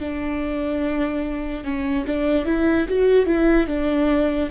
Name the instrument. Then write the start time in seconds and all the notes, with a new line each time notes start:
viola
0.00 D4
1.65 C#4
2.07 D4
2.45 E4
2.89 F#4
3.26 E4
3.67 D4